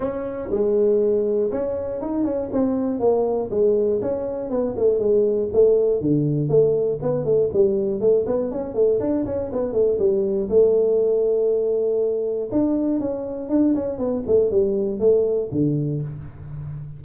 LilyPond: \new Staff \with { instrumentName = "tuba" } { \time 4/4 \tempo 4 = 120 cis'4 gis2 cis'4 | dis'8 cis'8 c'4 ais4 gis4 | cis'4 b8 a8 gis4 a4 | d4 a4 b8 a8 g4 |
a8 b8 cis'8 a8 d'8 cis'8 b8 a8 | g4 a2.~ | a4 d'4 cis'4 d'8 cis'8 | b8 a8 g4 a4 d4 | }